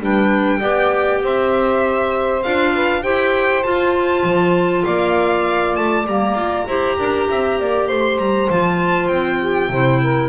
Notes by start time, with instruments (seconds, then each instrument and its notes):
0.00 double bass G3, clarinet D4, saxophone B4, violin G5
0.59 double bass B3, clarinet G4, saxophone D5
1.23 double bass C4, saxophone C5, violin E5
2.43 double bass D4, clarinet F4, violin F5
2.73 saxophone B4
3.03 double bass E4, clarinet G4, saxophone C5, violin G5
3.63 clarinet F4, double bass F4, violin A5
4.23 double bass F3
4.85 double bass A#3, saxophone D5, violin F5
5.76 double bass A3, violin A5
6.06 double bass G3, clarinet A#3, violin A#5
6.34 double bass F4
6.67 double bass E4, clarinet G4, saxophone C5
6.98 double bass D4, saxophone A#4
7.29 double bass C4, saxophone E5
7.59 double bass A#3, saxophone D5
7.88 double bass A3, saxophone C5, violin C6
8.18 double bass G3, violin A#5
8.49 double bass F3, clarinet F4, violin A5
9.08 double bass C4, violin G5
9.40 saxophone G4
9.69 double bass C3, clarinet E4, saxophone C5
10.01 saxophone A#4